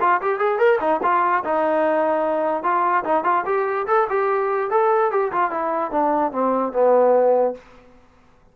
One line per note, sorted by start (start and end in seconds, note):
0.00 0.20 F4
0.21 0.38 G4
0.38 0.58 G#4
0.58 0.79 A#4
0.80 1.01 D#4
1.03 1.43 F4
1.44 2.63 D#4
2.63 3.04 F4
3.04 3.24 D#4
3.24 3.44 F4
3.45 3.86 G4
3.87 4.07 A4
4.09 4.70 G4
4.70 5.11 A4
5.11 5.31 G4
5.32 5.50 F4
5.50 5.91 E4
5.91 6.32 D4
6.32 6.72 C4
6.72 7.54 B3